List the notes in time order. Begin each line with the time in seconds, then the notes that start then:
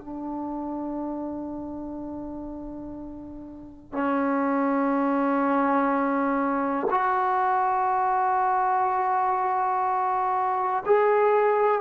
0.00 D4
3.92 C#4
6.90 F#4
10.86 G#4